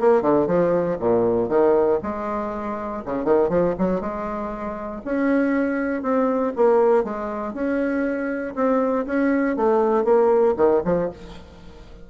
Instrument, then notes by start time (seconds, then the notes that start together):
bassoon
0.00 A#3
0.22 D3
0.47 F3
0.99 A#2
1.49 D#3
2.03 G#3
3.05 C#3
3.24 D#3
3.49 F3
3.78 F#3
4.01 G#3
5.05 C#4
6.02 C4
6.56 A#3
7.04 G#3
7.54 C#4
8.55 C4
9.06 C#4
9.57 A3
10.04 A#3
10.57 D#3
10.85 F3